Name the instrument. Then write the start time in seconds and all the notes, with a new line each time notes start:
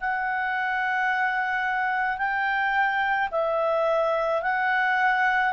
clarinet
0.00 F#5
2.17 G5
3.31 E5
4.42 F#5